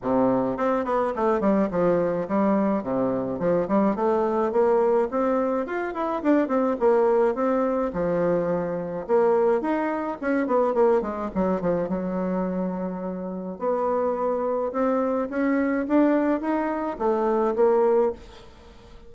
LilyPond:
\new Staff \with { instrumentName = "bassoon" } { \time 4/4 \tempo 4 = 106 c4 c'8 b8 a8 g8 f4 | g4 c4 f8 g8 a4 | ais4 c'4 f'8 e'8 d'8 c'8 | ais4 c'4 f2 |
ais4 dis'4 cis'8 b8 ais8 gis8 | fis8 f8 fis2. | b2 c'4 cis'4 | d'4 dis'4 a4 ais4 | }